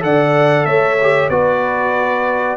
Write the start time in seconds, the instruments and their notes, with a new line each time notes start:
0.00 tuba D3, trombone A4, horn D5, trumpet F#5
0.65 tuba A3, horn C#5, trumpet E5
1.01 trombone G4
1.29 tuba B3, trombone F#4, horn B4, trumpet D5